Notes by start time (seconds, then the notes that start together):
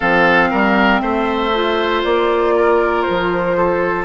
0.00 F3 C4 A4 F5
0.50 G3 A#4
1.00 A3 C5 E5
1.53 F4
2.03 A#3 D5
2.55 A#4
3.02 C5
3.09 F3
3.56 A4